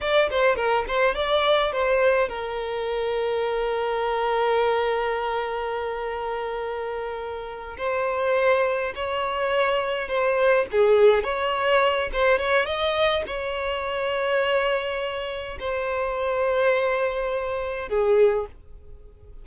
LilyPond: \new Staff \with { instrumentName = "violin" } { \time 4/4 \tempo 4 = 104 d''8 c''8 ais'8 c''8 d''4 c''4 | ais'1~ | ais'1~ | ais'4. c''2 cis''8~ |
cis''4. c''4 gis'4 cis''8~ | cis''4 c''8 cis''8 dis''4 cis''4~ | cis''2. c''4~ | c''2. gis'4 | }